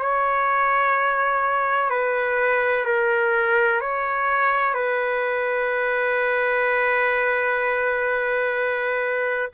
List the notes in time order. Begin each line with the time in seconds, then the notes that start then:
0.00 C#5
1.90 B4
2.85 A#4
3.81 C#5
4.74 B4